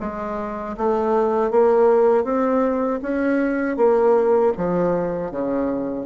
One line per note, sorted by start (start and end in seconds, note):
0.00 0.76 G#3
0.77 1.51 A3
1.51 2.24 A#3
2.24 3.00 C4
3.02 3.77 C#4
3.77 4.53 A#3
4.57 5.31 F3
5.31 6.06 C#3